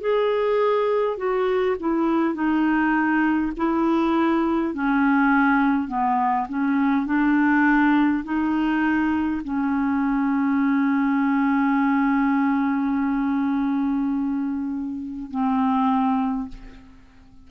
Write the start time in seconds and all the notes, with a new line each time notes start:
0.00 G#4
1.17 F#4
1.79 E4
2.34 D#4
3.56 E4
4.74 C#4
5.87 B3
6.49 C#4
7.05 D4
8.24 D#4
9.43 C#4
15.30 C4